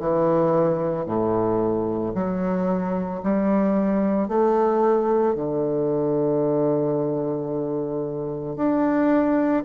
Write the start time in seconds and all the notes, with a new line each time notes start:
0.00 E3
1.06 A2
2.14 F#3
3.23 G3
4.29 A3
5.35 D3
8.56 D4